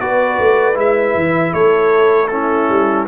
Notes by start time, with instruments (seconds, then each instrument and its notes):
0.00 tuba B3, trombone F#4, horn B4, trumpet D5
0.39 tuba A3
0.74 tuba G#3, trombone E4, trumpet E5
1.14 tuba E3
1.53 tuba A3, horn A4, trumpet C#5
2.27 trombone C#4, horn E4, trumpet A4
2.69 tuba G3